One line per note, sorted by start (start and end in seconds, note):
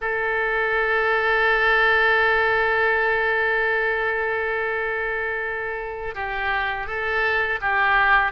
0.01 6.14 A4
6.14 6.87 G4
6.87 7.59 A4
7.61 8.32 G4